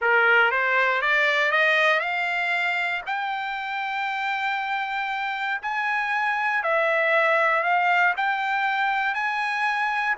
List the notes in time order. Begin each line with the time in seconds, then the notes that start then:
0.01 A#4
0.51 C5
1.01 D5
1.51 D#5
1.99 F5
3.06 G5
5.62 G#5
6.63 E5
7.63 F5
8.17 G5
9.14 G#5